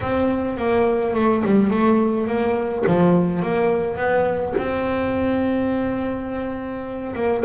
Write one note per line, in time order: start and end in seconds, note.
0.01 0.57 C4
0.57 1.14 A#3
1.14 1.43 A3
1.44 1.70 G3
1.70 2.27 A3
2.27 2.84 A#3
2.86 3.42 F3
3.42 3.96 A#3
3.96 4.54 B3
4.57 7.14 C4
7.15 7.43 A#3